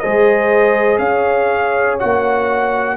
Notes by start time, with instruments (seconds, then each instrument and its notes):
0.00 tuba G#3, trombone G#4, horn C5, trumpet D#5
0.99 tuba C#4, horn C#5, trumpet F5
2.00 tuba A#3, trombone F#4, trumpet F#5